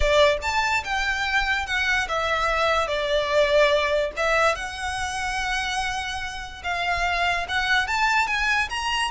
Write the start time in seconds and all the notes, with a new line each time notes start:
0.00 D5
0.42 A5
0.84 G5
1.66 F#5
2.08 E5
2.87 D5
4.16 E5
4.55 F#5
6.63 F5
7.48 F#5
7.87 A5
8.27 G#5
8.69 A#5